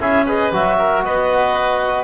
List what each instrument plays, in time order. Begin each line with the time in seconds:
0.00 double bass C#4, trombone E4, oboe G#4, clarinet E5
0.26 trombone G#4, oboe B4, clarinet D#5
0.52 double bass F#3, trombone F#4, clarinet E5
0.78 oboe A#4
1.03 double bass B3, oboe B4, clarinet D#5